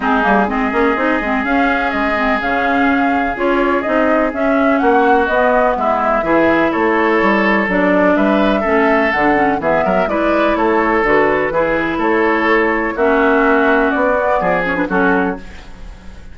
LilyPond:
<<
  \new Staff \with { instrumentName = "flute" } { \time 4/4 \tempo 4 = 125 gis'4 dis''2 f''4 | dis''4 f''2 cis''4 | dis''4 e''4 fis''4 dis''4 | e''2 cis''2 |
d''4 e''2 fis''4 | e''4 d''4 cis''4 b'4~ | b'4 cis''2 e''4~ | e''4 d''4. cis''16 b'16 a'4 | }
  \new Staff \with { instrumentName = "oboe" } { \time 4/4 dis'4 gis'2.~ | gis'1~ | gis'2 fis'2 | e'4 gis'4 a'2~ |
a'4 b'4 a'2 | gis'8 ais'8 b'4 a'2 | gis'4 a'2 fis'4~ | fis'2 gis'4 fis'4 | }
  \new Staff \with { instrumentName = "clarinet" } { \time 4/4 c'8 ais8 c'8 cis'8 dis'8 c'8 cis'4~ | cis'8 c'8 cis'2 f'4 | dis'4 cis'2 b4~ | b4 e'2. |
d'2 cis'4 d'8 cis'8 | b4 e'2 fis'4 | e'2. cis'4~ | cis'4. b4 cis'16 d'16 cis'4 | }
  \new Staff \with { instrumentName = "bassoon" } { \time 4/4 gis8 g8 gis8 ais8 c'8 gis8 cis'4 | gis4 cis2 cis'4 | c'4 cis'4 ais4 b4 | gis4 e4 a4 g4 |
fis4 g4 a4 d4 | e8 fis8 gis4 a4 d4 | e4 a2 ais4~ | ais4 b4 f4 fis4 | }
>>